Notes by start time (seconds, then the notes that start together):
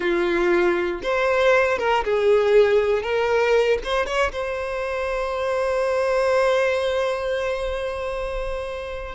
0.00 F4
1.02 C5
1.78 A#4
2.04 G#4
3.02 A#4
3.84 C5
4.06 C#5
4.32 C5